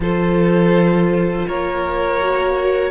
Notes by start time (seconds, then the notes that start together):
0.00 F3 F4 A4 C5
1.48 A#3 A#4 C#5
2.20 F#4